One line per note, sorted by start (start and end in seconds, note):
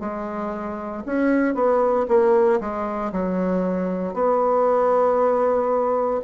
0.00 1.03 G#3
1.06 1.55 C#4
1.55 2.06 B3
2.08 2.60 A#3
2.61 3.12 G#3
3.13 4.14 F#3
4.14 6.21 B3